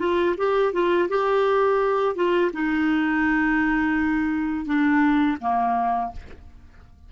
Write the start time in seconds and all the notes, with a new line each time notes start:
0.00 F4
0.38 G4
0.73 F4
1.09 G4
2.16 F4
2.54 D#4
4.66 D4
5.41 A#3